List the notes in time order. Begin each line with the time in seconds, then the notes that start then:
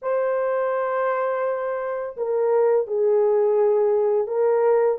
0.02 C5
2.16 A#4
2.87 G#4
4.27 A#4